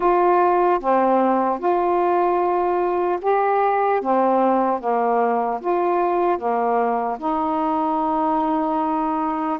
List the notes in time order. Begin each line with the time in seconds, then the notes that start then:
0.00 F4
0.79 C4
1.59 F4
3.21 G4
4.01 C4
4.80 A#3
5.60 F4
6.38 A#3
7.18 D#4